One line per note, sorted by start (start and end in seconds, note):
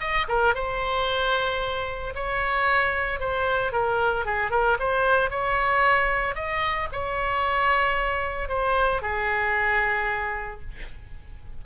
0.00 0.27 D#5
0.28 0.54 A#4
0.54 2.14 C5
2.15 3.20 C#5
3.20 3.72 C5
3.72 4.25 A#4
4.25 4.50 G#4
4.50 4.77 A#4
4.79 5.30 C5
5.30 6.35 C#5
6.35 6.88 D#5
6.92 8.48 C#5
8.48 9.01 C5
9.01 10.61 G#4